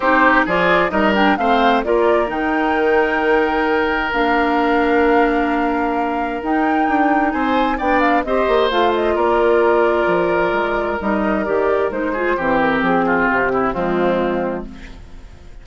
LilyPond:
<<
  \new Staff \with { instrumentName = "flute" } { \time 4/4 \tempo 4 = 131 c''4 d''4 dis''8 g''8 f''4 | d''4 g''2.~ | g''4 f''2.~ | f''2 g''2 |
gis''4 g''8 f''8 dis''4 f''8 dis''8 | d''1 | dis''4 d''4 c''4. ais'8 | gis'4 g'4 f'2 | }
  \new Staff \with { instrumentName = "oboe" } { \time 4/4 g'4 gis'4 ais'4 c''4 | ais'1~ | ais'1~ | ais'1 |
c''4 d''4 c''2 | ais'1~ | ais'2~ ais'8 gis'8 g'4~ | g'8 f'4 e'8 c'2 | }
  \new Staff \with { instrumentName = "clarinet" } { \time 4/4 dis'4 f'4 dis'8 d'8 c'4 | f'4 dis'2.~ | dis'4 d'2.~ | d'2 dis'2~ |
dis'4 d'4 g'4 f'4~ | f'1 | dis'4 g'4 dis'8 f'8 c'4~ | c'2 gis2 | }
  \new Staff \with { instrumentName = "bassoon" } { \time 4/4 c'4 f4 g4 a4 | ais4 dis2.~ | dis4 ais2.~ | ais2 dis'4 d'4 |
c'4 b4 c'8 ais8 a4 | ais2 f4 gis4 | g4 dis4 gis4 e4 | f4 c4 f2 | }
>>